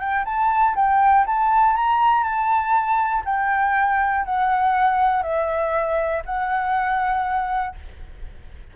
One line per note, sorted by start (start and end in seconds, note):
0.00 0.25 G5
0.25 0.75 A5
0.76 1.26 G5
1.27 1.76 A5
1.76 2.24 A#5
2.24 3.24 A5
3.25 4.25 G5
4.25 5.23 F#5
5.23 6.23 E5
6.26 7.76 F#5